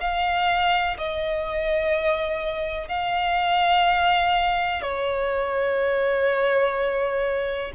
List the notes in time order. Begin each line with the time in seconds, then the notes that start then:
0.00 F5
0.98 D#5
2.88 F5
4.82 C#5